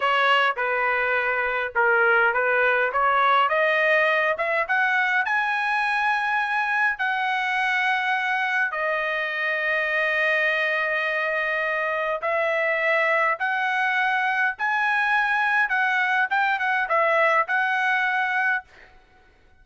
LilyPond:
\new Staff \with { instrumentName = "trumpet" } { \time 4/4 \tempo 4 = 103 cis''4 b'2 ais'4 | b'4 cis''4 dis''4. e''8 | fis''4 gis''2. | fis''2. dis''4~ |
dis''1~ | dis''4 e''2 fis''4~ | fis''4 gis''2 fis''4 | g''8 fis''8 e''4 fis''2 | }